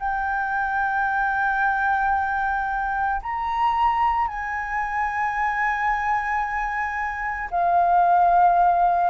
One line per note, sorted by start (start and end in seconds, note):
0.00 3.21 G5
3.23 4.28 A#5
4.28 7.50 G#5
7.51 9.11 F5